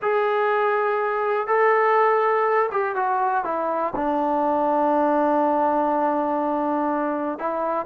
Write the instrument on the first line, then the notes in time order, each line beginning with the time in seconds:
trombone
0.02 G#4
1.47 A4
2.71 G4
2.95 F#4
3.44 E4
3.95 D4
7.38 E4